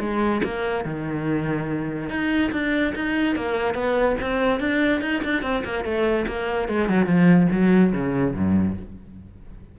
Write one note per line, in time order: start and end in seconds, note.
0.00 0.42 G#3
0.44 0.85 A#3
0.85 2.10 D#3
2.10 2.51 D#4
2.52 2.94 D4
2.95 3.36 D#4
3.36 3.74 A#3
3.74 4.16 B3
4.21 4.60 C4
4.60 5.02 D4
5.02 5.22 D#4
5.24 5.43 D4
5.43 5.63 C4
5.65 5.85 A#3
5.85 6.26 A3
6.27 6.69 A#3
6.69 6.89 G#3
6.89 7.06 F#3
7.06 7.48 F3
7.52 7.93 F#3
7.93 8.35 C#3
8.35 8.77 F#2